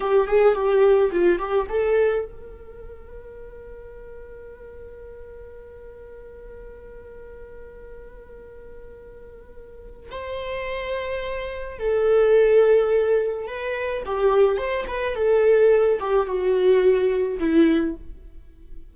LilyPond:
\new Staff \with { instrumentName = "viola" } { \time 4/4 \tempo 4 = 107 g'8 gis'8 g'4 f'8 g'8 a'4 | ais'1~ | ais'1~ | ais'1~ |
ais'2 c''2~ | c''4 a'2. | b'4 g'4 c''8 b'8 a'4~ | a'8 g'8 fis'2 e'4 | }